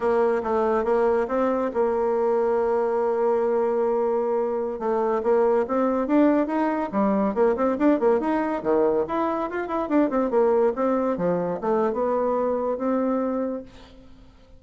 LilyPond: \new Staff \with { instrumentName = "bassoon" } { \time 4/4 \tempo 4 = 141 ais4 a4 ais4 c'4 | ais1~ | ais2.~ ais16 a8.~ | a16 ais4 c'4 d'4 dis'8.~ |
dis'16 g4 ais8 c'8 d'8 ais8 dis'8.~ | dis'16 dis4 e'4 f'8 e'8 d'8 c'16~ | c'16 ais4 c'4 f4 a8. | b2 c'2 | }